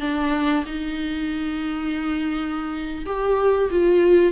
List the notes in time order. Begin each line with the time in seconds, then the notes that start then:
0.00 D4
0.66 D#4
3.06 G4
3.70 F4